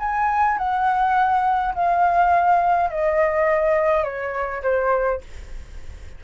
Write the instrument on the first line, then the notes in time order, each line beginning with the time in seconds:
flute
0.00 G#5
0.58 F#5
1.75 F5
2.91 D#5
4.05 C#5
4.63 C5